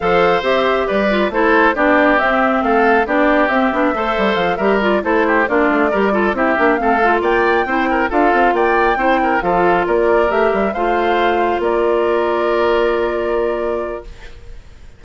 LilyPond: <<
  \new Staff \with { instrumentName = "flute" } { \time 4/4 \tempo 4 = 137 f''4 e''4 d''4 c''4 | d''4 e''4 f''4 d''4 | e''2 f''8 e''8 d''8 c''8~ | c''8 d''2 e''4 f''8~ |
f''8 g''2 f''4 g''8~ | g''4. f''4 d''4 e''8~ | e''8 f''2 d''4.~ | d''1 | }
  \new Staff \with { instrumentName = "oboe" } { \time 4/4 c''2 b'4 a'4 | g'2 a'4 g'4~ | g'4 c''4. ais'4 a'8 | g'8 f'4 ais'8 a'8 g'4 a'8~ |
a'8 d''4 c''8 ais'8 a'4 d''8~ | d''8 c''8 ais'8 a'4 ais'4.~ | ais'8 c''2 ais'4.~ | ais'1 | }
  \new Staff \with { instrumentName = "clarinet" } { \time 4/4 a'4 g'4. f'8 e'4 | d'4 c'2 d'4 | c'8 d'8 a'4. g'8 f'8 e'8~ | e'8 d'4 g'8 f'8 e'8 d'8 c'8 |
f'4. e'4 f'4.~ | f'8 e'4 f'2 g'8~ | g'8 f'2.~ f'8~ | f'1 | }
  \new Staff \with { instrumentName = "bassoon" } { \time 4/4 f4 c'4 g4 a4 | b4 c'4 a4 b4 | c'8 b8 a8 g8 f8 g4 a8~ | a8 ais8 a8 g4 c'8 ais8 a8~ |
a8 ais4 c'4 d'8 c'8 ais8~ | ais8 c'4 f4 ais4 a8 | g8 a2 ais4.~ | ais1 | }
>>